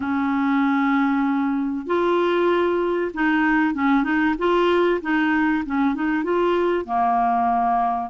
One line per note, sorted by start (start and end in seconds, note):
0.00 1.86 C#4
1.86 3.11 F4
3.13 3.74 D#4
3.74 4.03 C#4
4.03 4.34 D#4
4.38 5.00 F4
5.01 5.64 D#4
5.65 5.94 C#4
5.94 6.23 D#4
6.23 6.85 F4
6.85 8.10 A#3